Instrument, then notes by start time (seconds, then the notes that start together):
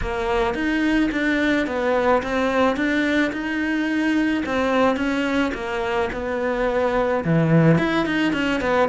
cello
0.01 A#3
0.54 D#4
1.11 D4
1.67 B3
2.22 C4
2.76 D4
3.32 D#4
4.45 C4
4.96 C#4
5.54 A#3
6.12 B3
7.24 E3
7.78 E4
8.06 D#4
8.33 C#4
8.61 B3